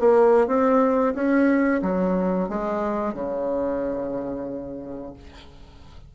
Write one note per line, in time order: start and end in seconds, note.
0.00 0.48 A#3
0.48 1.14 C4
1.15 1.82 C#4
1.82 2.49 F#3
2.49 3.14 G#3
3.14 5.14 C#3